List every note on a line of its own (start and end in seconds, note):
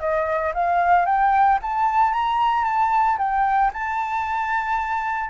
0.00 0.53 D#5
0.54 1.06 F5
1.06 1.59 G5
1.62 2.13 A5
2.13 2.65 A#5
2.65 3.18 A5
3.18 3.71 G5
3.74 5.30 A5